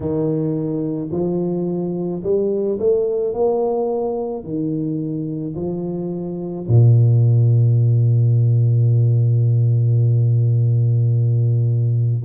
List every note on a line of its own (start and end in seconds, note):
0.00 1.10 D#3
1.11 2.22 F3
2.23 2.78 G3
2.79 3.33 A3
3.33 4.43 A#3
4.43 5.54 D#3
5.56 6.67 F3
6.68 12.23 A#2